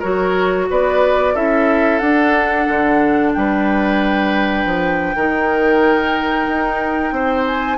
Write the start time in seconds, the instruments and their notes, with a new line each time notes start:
0.00 bassoon F#3, clarinet F#4, oboe A#4, flute C#5
0.70 bassoon B3, oboe B4, flute D5
1.34 bassoon C#4, clarinet E4, oboe A4, flute E5
1.99 bassoon D4, clarinet D4, flute F#5
2.68 bassoon D3
3.34 bassoon G3, oboe B4, flute G5
4.65 bassoon F3
5.16 bassoon D#3, clarinet D#4, oboe A#4
6.48 bassoon D#4
7.12 bassoon C4, oboe C5
7.46 flute G#5